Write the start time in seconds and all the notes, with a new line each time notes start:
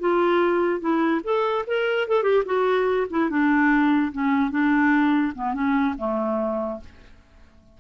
0.00 F4
0.80 E4
1.24 A4
1.67 A#4
2.08 A4
2.23 G4
2.45 F#4
3.10 E4
3.30 D4
4.12 C#4
4.51 D4
5.35 B3
5.54 C#4
5.98 A3